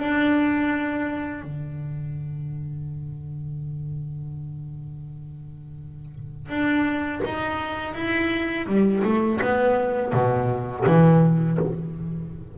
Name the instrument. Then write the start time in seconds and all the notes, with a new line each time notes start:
double bass
0.00 D4
1.43 D3
6.49 D4
7.25 D#4
7.95 E4
8.67 G3
9.04 A3
9.41 B3
10.13 B2
10.86 E3